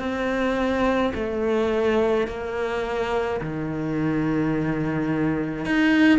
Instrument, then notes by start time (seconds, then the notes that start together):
cello
0.00 C4
1.15 A3
2.28 A#3
3.42 D#3
5.66 D#4